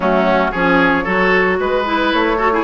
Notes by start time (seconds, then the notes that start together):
0.00 F#3 A3 C#4 F#4
0.51 F3 C#4 G#4 C#5
1.04 F#3 F#4 A4
1.59 G#3 B4
1.85 E4
2.13 A3 C#5
2.37 F#4 A4
2.52 E4 G#4